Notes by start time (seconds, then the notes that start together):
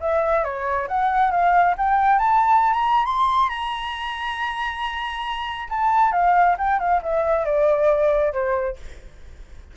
0.00 E5
0.44 C#5
0.88 F#5
1.31 F5
1.77 G5
2.19 A5
2.73 A#5
3.05 C6
3.49 A#5
5.69 A5
6.12 F5
6.58 G5
6.79 F5
7.02 E5
7.45 D5
8.33 C5